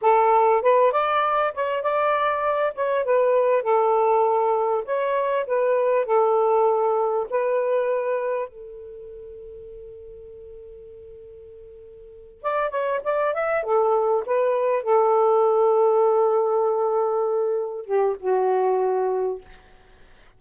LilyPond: \new Staff \with { instrumentName = "saxophone" } { \time 4/4 \tempo 4 = 99 a'4 b'8 d''4 cis''8 d''4~ | d''8 cis''8 b'4 a'2 | cis''4 b'4 a'2 | b'2 a'2~ |
a'1~ | a'8 d''8 cis''8 d''8 e''8 a'4 b'8~ | b'8 a'2.~ a'8~ | a'4. g'8 fis'2 | }